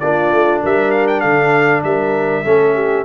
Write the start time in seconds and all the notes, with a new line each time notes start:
0.00 A#3 D4 F4 D5
0.32 A3
0.63 G3 A#4 E5
0.91 F5
1.07 G5
1.20 D3 A4 F5
1.83 G3 A#4 E5
2.45 A3 C#4 A4
2.75 G4